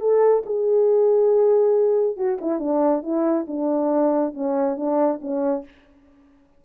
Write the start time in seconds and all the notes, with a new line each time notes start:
0.00 A4
0.46 G#4
2.16 F#4
2.41 E4
2.59 D4
3.02 E4
3.47 D4
4.33 C#4
4.76 D4
5.21 C#4